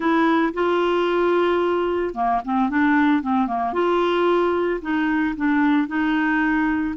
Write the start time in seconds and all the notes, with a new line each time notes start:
0.00 E4
0.53 F4
2.14 A#3
2.44 C4
2.69 D4
3.22 C4
3.47 A#3
3.73 F4
4.81 D#4
5.36 D4
5.87 D#4